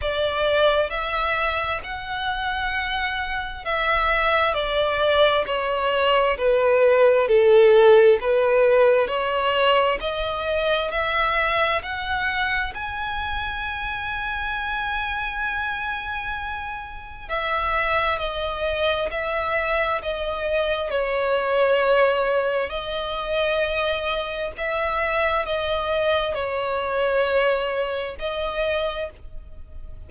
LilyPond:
\new Staff \with { instrumentName = "violin" } { \time 4/4 \tempo 4 = 66 d''4 e''4 fis''2 | e''4 d''4 cis''4 b'4 | a'4 b'4 cis''4 dis''4 | e''4 fis''4 gis''2~ |
gis''2. e''4 | dis''4 e''4 dis''4 cis''4~ | cis''4 dis''2 e''4 | dis''4 cis''2 dis''4 | }